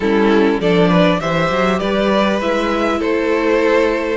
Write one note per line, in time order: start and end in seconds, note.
0.00 0.59 G3
0.00 0.61 C#4
0.00 0.60 E4
0.00 0.60 A4
0.60 1.20 F3
0.60 1.20 D4
0.60 0.88 A4
0.60 1.20 D5
0.88 1.18 B4
1.20 1.50 E3
1.20 2.40 G4
1.20 1.79 C5
1.20 1.79 E5
1.50 1.80 F#3
1.79 2.40 G3
1.79 2.98 B4
1.79 2.39 D5
2.40 3.00 G#3
2.40 4.17 E4
2.40 3.01 E5
2.98 4.17 A3
2.98 4.17 A4
2.98 4.17 C5